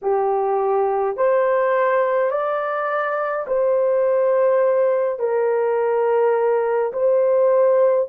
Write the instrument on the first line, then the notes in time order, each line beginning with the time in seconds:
horn
0.02 G4
1.16 C5
2.30 D5
3.47 C5
5.19 A#4
6.92 C5